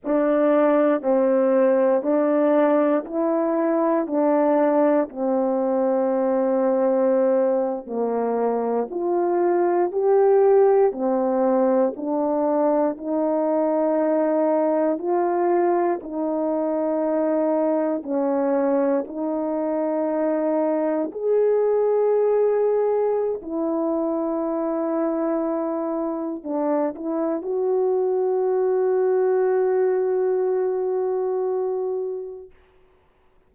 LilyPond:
\new Staff \with { instrumentName = "horn" } { \time 4/4 \tempo 4 = 59 d'4 c'4 d'4 e'4 | d'4 c'2~ c'8. ais16~ | ais8. f'4 g'4 c'4 d'16~ | d'8. dis'2 f'4 dis'16~ |
dis'4.~ dis'16 cis'4 dis'4~ dis'16~ | dis'8. gis'2~ gis'16 e'4~ | e'2 d'8 e'8 fis'4~ | fis'1 | }